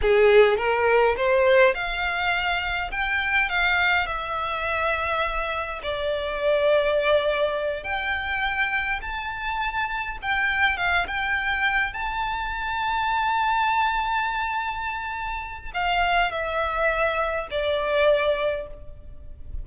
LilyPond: \new Staff \with { instrumentName = "violin" } { \time 4/4 \tempo 4 = 103 gis'4 ais'4 c''4 f''4~ | f''4 g''4 f''4 e''4~ | e''2 d''2~ | d''4. g''2 a''8~ |
a''4. g''4 f''8 g''4~ | g''8 a''2.~ a''8~ | a''2. f''4 | e''2 d''2 | }